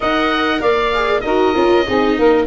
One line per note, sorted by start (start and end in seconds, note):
0.00 0.61 D#4
0.00 0.91 A#4
0.00 0.60 D#5
0.00 0.61 F#5
0.61 1.23 A#3
0.61 1.22 D5
0.61 1.20 F5
0.94 1.25 G#4
1.20 1.54 D#4
1.20 1.54 F#4
1.20 1.86 A#4
1.20 2.44 D#5
1.54 1.87 C#4
1.54 1.85 F4
1.86 2.18 C4
1.86 2.46 D#4
1.86 2.17 G#4
2.17 2.46 A#3
2.17 2.46 A#4